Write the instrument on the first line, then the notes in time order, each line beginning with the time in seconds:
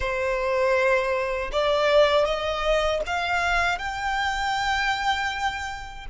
violin
0.00 C5
1.52 D5
2.25 D#5
3.06 F5
3.78 G5